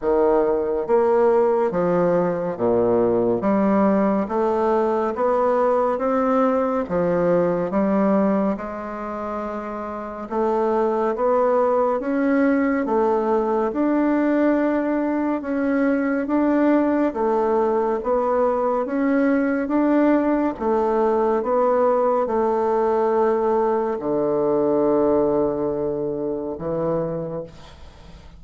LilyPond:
\new Staff \with { instrumentName = "bassoon" } { \time 4/4 \tempo 4 = 70 dis4 ais4 f4 ais,4 | g4 a4 b4 c'4 | f4 g4 gis2 | a4 b4 cis'4 a4 |
d'2 cis'4 d'4 | a4 b4 cis'4 d'4 | a4 b4 a2 | d2. e4 | }